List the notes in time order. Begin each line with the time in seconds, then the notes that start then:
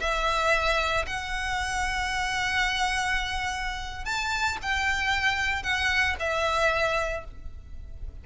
0.00 E5
1.06 F#5
4.05 A5
4.62 G5
5.63 F#5
6.19 E5